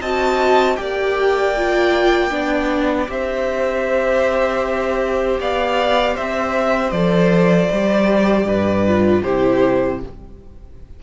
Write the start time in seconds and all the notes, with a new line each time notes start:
0.00 C4 F#4 D#5 A5
0.76 A#3 G4 D5 G5
1.56 F4
2.30 B3 D4
3.07 C4 G4 C5 E5
5.39 B3 D5 F5
6.14 C4 C5 E5
6.91 F3 A4 D5
7.71 G3 G4
8.45 G2 B4
8.87 F4
9.22 C3 E4 G4 C5